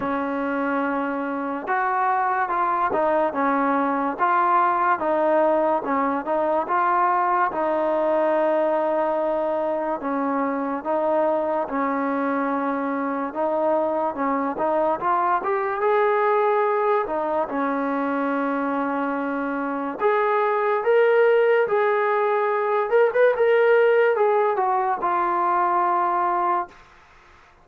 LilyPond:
\new Staff \with { instrumentName = "trombone" } { \time 4/4 \tempo 4 = 72 cis'2 fis'4 f'8 dis'8 | cis'4 f'4 dis'4 cis'8 dis'8 | f'4 dis'2. | cis'4 dis'4 cis'2 |
dis'4 cis'8 dis'8 f'8 g'8 gis'4~ | gis'8 dis'8 cis'2. | gis'4 ais'4 gis'4. ais'16 b'16 | ais'4 gis'8 fis'8 f'2 | }